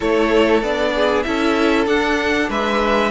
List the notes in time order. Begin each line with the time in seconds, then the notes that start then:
0.00 A3 E4 A4 C#5
0.62 B3 D4 D5
0.95 G#4
1.22 C#4 E4 A4 E5
1.86 D4 F#5
2.49 G#3 B4 E5